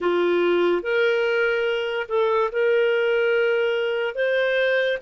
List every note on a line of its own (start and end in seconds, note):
0.00 0.82 F4
0.82 2.07 A#4
2.08 2.50 A4
2.52 4.14 A#4
4.14 4.98 C5